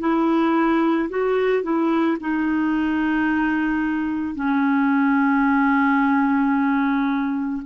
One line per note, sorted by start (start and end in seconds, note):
0.00 1.09 E4
1.09 1.63 F#4
1.63 2.18 E4
2.20 4.35 D#4
4.35 7.62 C#4